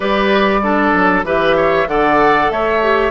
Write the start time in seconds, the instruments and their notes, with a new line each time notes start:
0.00 bassoon G3, clarinet G4, oboe B4, flute D5
0.62 clarinet D4, oboe A4
0.93 bassoon F#3
1.23 bassoon E3, clarinet G4, oboe B4, flute E5
1.56 oboe C#5
1.87 bassoon D3, clarinet A4, oboe D5, flute F#5
2.50 bassoon A3, oboe C#5, flute E5
2.82 clarinet G4